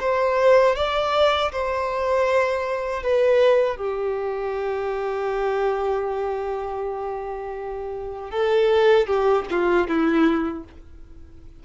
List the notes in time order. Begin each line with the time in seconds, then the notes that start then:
0.00 C5
0.76 D5
1.52 C5
3.03 B4
3.77 G4
8.31 A4
9.07 G4
9.50 F4
9.88 E4